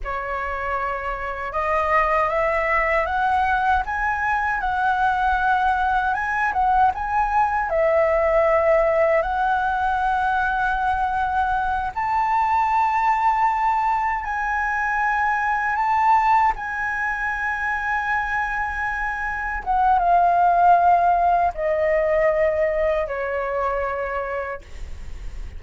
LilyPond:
\new Staff \with { instrumentName = "flute" } { \time 4/4 \tempo 4 = 78 cis''2 dis''4 e''4 | fis''4 gis''4 fis''2 | gis''8 fis''8 gis''4 e''2 | fis''2.~ fis''8 a''8~ |
a''2~ a''8 gis''4.~ | gis''8 a''4 gis''2~ gis''8~ | gis''4. fis''8 f''2 | dis''2 cis''2 | }